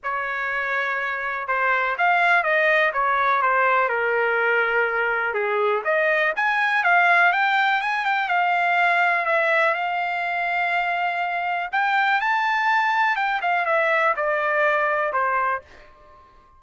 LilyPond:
\new Staff \with { instrumentName = "trumpet" } { \time 4/4 \tempo 4 = 123 cis''2. c''4 | f''4 dis''4 cis''4 c''4 | ais'2. gis'4 | dis''4 gis''4 f''4 g''4 |
gis''8 g''8 f''2 e''4 | f''1 | g''4 a''2 g''8 f''8 | e''4 d''2 c''4 | }